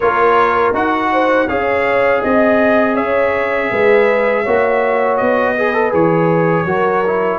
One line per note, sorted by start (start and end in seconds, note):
0.00 0.72 A#3
0.00 0.73 F4
0.00 1.10 A#4
0.00 0.73 C#5
0.72 1.46 D#4
0.72 1.48 F#4
0.72 1.48 F#5
1.12 1.48 C5
1.48 2.22 C#4
1.48 4.45 G#4
1.48 2.22 C#5
1.48 2.22 F5
2.22 2.96 C4
2.22 2.95 D#5
2.95 3.70 C#4
2.95 3.69 C#5
2.95 5.17 E5
3.70 4.46 G#3
3.70 4.43 B4
4.43 5.20 A#3
4.43 5.57 F#4
4.43 5.54 C#5
5.17 5.93 B3
5.17 5.91 D#5
5.55 5.73 G#4
5.55 6.66 B4
5.73 5.91 A4
5.91 6.64 E3
5.91 6.65 G#4
5.91 7.38 C#5
6.64 7.38 F#3
6.64 7.04 F#4
6.64 7.38 A#4
7.06 7.38 E4